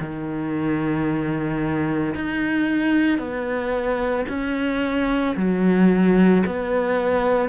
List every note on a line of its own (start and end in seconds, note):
0.00 2.14 D#3
2.15 3.19 D#4
3.19 4.26 B3
4.29 5.36 C#4
5.37 6.44 F#3
6.46 7.49 B3